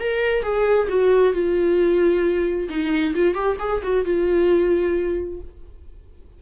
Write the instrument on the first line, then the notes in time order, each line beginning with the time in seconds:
viola
0.00 A#4
0.43 G#4
0.89 F#4
1.34 F4
2.70 D#4
3.15 F4
3.35 G4
3.60 G#4
3.83 F#4
4.05 F4